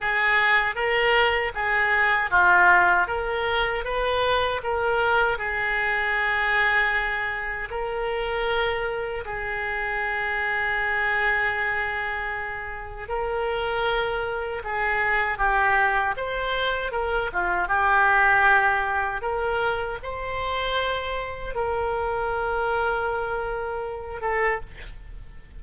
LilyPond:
\new Staff \with { instrumentName = "oboe" } { \time 4/4 \tempo 4 = 78 gis'4 ais'4 gis'4 f'4 | ais'4 b'4 ais'4 gis'4~ | gis'2 ais'2 | gis'1~ |
gis'4 ais'2 gis'4 | g'4 c''4 ais'8 f'8 g'4~ | g'4 ais'4 c''2 | ais'2.~ ais'8 a'8 | }